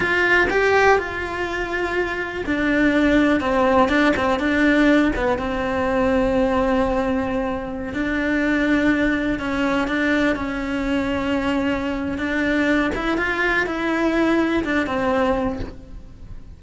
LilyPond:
\new Staff \with { instrumentName = "cello" } { \time 4/4 \tempo 4 = 123 f'4 g'4 f'2~ | f'4 d'2 c'4 | d'8 c'8 d'4. b8 c'4~ | c'1~ |
c'16 d'2. cis'8.~ | cis'16 d'4 cis'2~ cis'8.~ | cis'4 d'4. e'8 f'4 | e'2 d'8 c'4. | }